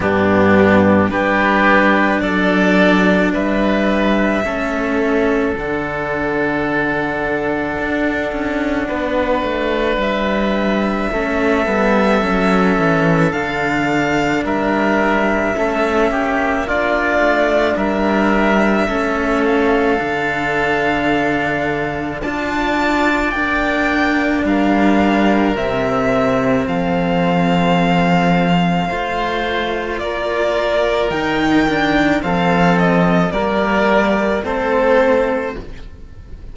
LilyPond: <<
  \new Staff \with { instrumentName = "violin" } { \time 4/4 \tempo 4 = 54 g'4 b'4 d''4 e''4~ | e''4 fis''2.~ | fis''4 e''2. | f''4 e''2 d''4 |
e''4. f''2~ f''8 | a''4 g''4 f''4 e''4 | f''2. d''4 | g''4 f''8 dis''8 d''4 c''4 | }
  \new Staff \with { instrumentName = "oboe" } { \time 4/4 d'4 g'4 a'4 b'4 | a'1 | b'2 a'2~ | a'4 ais'4 a'8 g'8 f'4 |
ais'4 a'2. | d''2 ais'2 | a'2 c''4 ais'4~ | ais'4 a'4 ais'4 a'4 | }
  \new Staff \with { instrumentName = "cello" } { \time 4/4 b4 d'2. | cis'4 d'2.~ | d'2 cis'8 b8 cis'4 | d'2 cis'4 d'4~ |
d'4 cis'4 d'2 | f'4 d'2 c'4~ | c'2 f'2 | dis'8 d'8 c'4 ais4 c'4 | }
  \new Staff \with { instrumentName = "cello" } { \time 4/4 g,4 g4 fis4 g4 | a4 d2 d'8 cis'8 | b8 a8 g4 a8 g8 fis8 e8 | d4 g4 a8 ais4 a8 |
g4 a4 d2 | d'4 ais4 g4 c4 | f2 a4 ais4 | dis4 f4 g4 a4 | }
>>